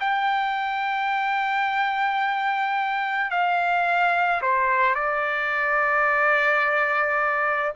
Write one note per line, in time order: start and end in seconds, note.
0.00 3.30 G5
3.30 4.41 F5
4.42 4.95 C5
4.95 7.73 D5